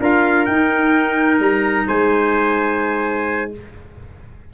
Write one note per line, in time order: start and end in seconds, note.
0.00 0.47 D4
0.00 0.47 F4
0.00 1.87 A#4
0.00 0.45 F5
0.45 1.39 D#4
0.45 3.53 D#4
0.45 1.39 G5
1.39 1.86 G3
1.39 1.88 A#5
1.87 3.53 G#3
1.87 3.51 C5
1.87 3.52 G#5